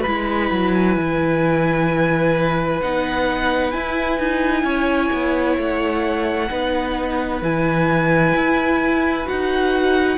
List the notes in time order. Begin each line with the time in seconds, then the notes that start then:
0.00 B4 B5
0.07 G#3 E4
0.51 F#3
0.74 G#5
0.97 E3
2.82 B3 D#4 F#5
3.71 E4 G#5
4.19 D#4
4.64 C#4 C#5
5.13 B3
5.58 A3 F#5
6.50 B3 D#4 B4
7.42 E3 E4 G#5
8.35 E4
9.25 D#4 F#4 F#5